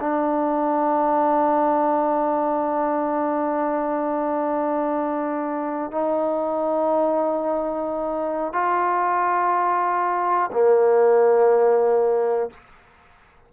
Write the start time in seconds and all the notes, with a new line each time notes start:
0.00 D4
5.91 D#4
8.53 F4
10.52 A#3